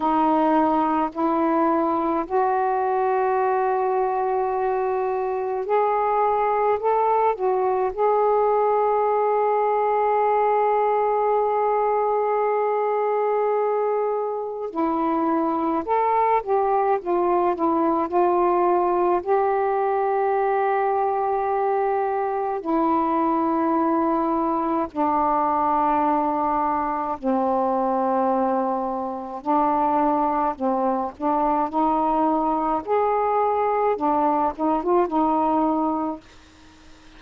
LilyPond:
\new Staff \with { instrumentName = "saxophone" } { \time 4/4 \tempo 4 = 53 dis'4 e'4 fis'2~ | fis'4 gis'4 a'8 fis'8 gis'4~ | gis'1~ | gis'4 e'4 a'8 g'8 f'8 e'8 |
f'4 g'2. | e'2 d'2 | c'2 d'4 c'8 d'8 | dis'4 gis'4 d'8 dis'16 f'16 dis'4 | }